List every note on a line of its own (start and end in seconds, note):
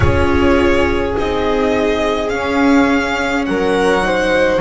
0.00 1.15 C#4
0.00 1.13 F4
0.00 3.46 G#4
0.00 1.12 C#5
1.17 2.34 C4
1.17 2.29 D#4
1.17 2.29 D#5
2.29 4.02 C#4
2.29 3.47 C#4
2.29 3.44 F5
3.45 4.61 F#3
3.45 4.06 A#4
3.45 4.61 F#5
4.02 4.59 D#4
4.02 4.61 C5